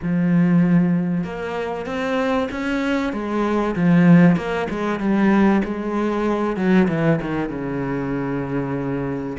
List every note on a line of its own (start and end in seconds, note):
0.02 1.24 F3
1.24 1.86 A#3
1.86 2.48 C4
2.51 3.12 C#4
3.12 3.75 G#3
3.75 4.36 F3
4.36 4.67 A#3
4.70 4.99 G#3
4.99 5.62 G3
5.64 6.56 G#3
6.56 6.87 F#3
6.88 7.19 E3
7.21 7.49 D#3
7.49 9.36 C#3